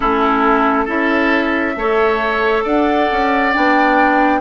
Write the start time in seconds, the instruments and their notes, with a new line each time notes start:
0.00 bassoon A3, clarinet C#4, oboe E4, flute A4
0.84 bassoon C#4, clarinet E4, oboe A4, flute E5
1.76 bassoon A3, clarinet A4, oboe C#5
2.63 bassoon D4, oboe D5, flute F#5
3.11 bassoon C#4
3.52 bassoon B3, clarinet D4, flute G5